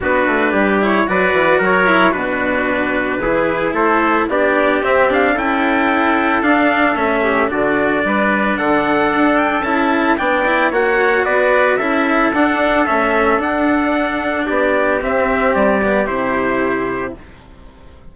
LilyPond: <<
  \new Staff \with { instrumentName = "trumpet" } { \time 4/4 \tempo 4 = 112 b'4. cis''8 d''4 cis''4 | b'2. c''4 | d''4 e''8 f''8 g''2 | f''4 e''4 d''2 |
fis''4. g''8 a''4 g''4 | fis''4 d''4 e''4 fis''4 | e''4 fis''2 d''4 | e''4 d''4 c''2 | }
  \new Staff \with { instrumentName = "trumpet" } { \time 4/4 fis'4 g'4 b'4 ais'4 | fis'2 gis'4 a'4 | g'2 a'2~ | a'4. g'8 fis'4 b'4 |
a'2. d''4 | cis''4 b'4 a'2~ | a'2. g'4~ | g'1 | }
  \new Staff \with { instrumentName = "cello" } { \time 4/4 d'4. e'8 fis'4. e'8 | d'2 e'2 | d'4 c'8 d'8 e'2 | d'4 cis'4 d'2~ |
d'2 e'4 d'8 e'8 | fis'2 e'4 d'4 | cis'4 d'2. | c'4. b8 e'2 | }
  \new Staff \with { instrumentName = "bassoon" } { \time 4/4 b8 a8 g4 fis8 e8 fis4 | b,2 e4 a4 | b4 c'4 cis'2 | d'4 a4 d4 g4 |
d4 d'4 cis'4 b4 | ais4 b4 cis'4 d'4 | a4 d'2 b4 | c'4 g4 c2 | }
>>